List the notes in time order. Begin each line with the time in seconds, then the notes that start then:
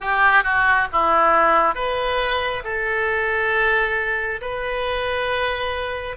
0.00 G4
0.43 F#4
0.92 E4
1.74 B4
2.64 A4
4.41 B4